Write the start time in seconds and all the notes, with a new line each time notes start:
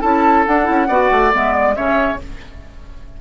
0.00 C#4 E4 A4 A5
0.46 D4 F#5
0.64 C#4 E4
0.88 B3 F#4 D5
1.11 A3
1.31 G#3 B3 E5
1.54 D5
1.75 C#3 C#4 C#5 E5